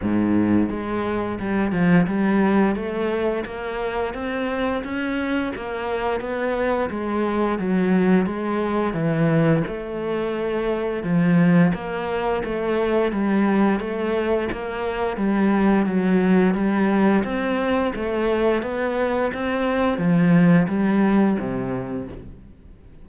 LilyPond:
\new Staff \with { instrumentName = "cello" } { \time 4/4 \tempo 4 = 87 gis,4 gis4 g8 f8 g4 | a4 ais4 c'4 cis'4 | ais4 b4 gis4 fis4 | gis4 e4 a2 |
f4 ais4 a4 g4 | a4 ais4 g4 fis4 | g4 c'4 a4 b4 | c'4 f4 g4 c4 | }